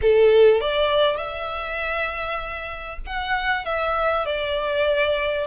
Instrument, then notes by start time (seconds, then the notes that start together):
violin
0.01 A4
0.60 D5
1.17 E5
3.06 F#5
3.65 E5
4.25 D5